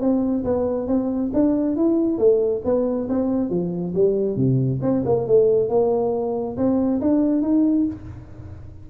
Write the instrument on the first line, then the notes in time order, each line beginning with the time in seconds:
tuba
0.00 C4
0.44 B3
0.87 C4
1.33 D4
1.76 E4
2.18 A3
2.64 B3
3.09 C4
3.50 F3
3.94 G3
4.36 C3
4.82 C4
5.05 A#3
5.27 A3
5.69 A#3
6.57 C4
7.01 D4
7.42 D#4